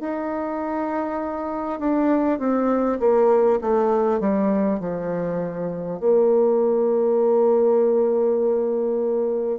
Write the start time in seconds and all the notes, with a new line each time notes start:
0.00 D#4
1.80 D4
2.39 C4
2.99 A#3
3.61 A3
4.21 G3
4.80 F3
5.99 A#3